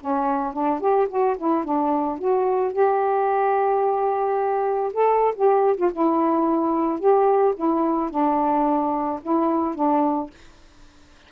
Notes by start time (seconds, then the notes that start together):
0.00 C#4
0.53 D4
0.80 G4
1.09 F#4
1.38 E4
1.64 D4
2.18 F#4
2.73 G4
4.93 A4
5.35 G4
5.77 F4
5.92 E4
6.99 G4
7.56 E4
8.10 D4
9.22 E4
9.75 D4